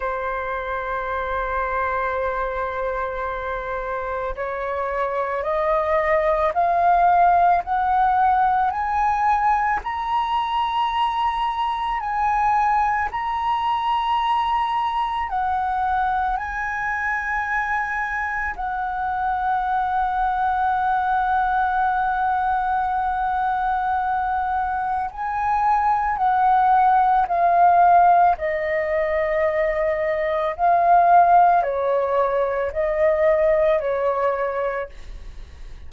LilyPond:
\new Staff \with { instrumentName = "flute" } { \time 4/4 \tempo 4 = 55 c''1 | cis''4 dis''4 f''4 fis''4 | gis''4 ais''2 gis''4 | ais''2 fis''4 gis''4~ |
gis''4 fis''2.~ | fis''2. gis''4 | fis''4 f''4 dis''2 | f''4 cis''4 dis''4 cis''4 | }